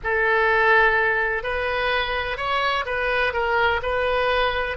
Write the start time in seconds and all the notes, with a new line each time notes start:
0.03 A4
1.43 B4
2.37 C#5
2.85 B4
3.33 A#4
3.82 B4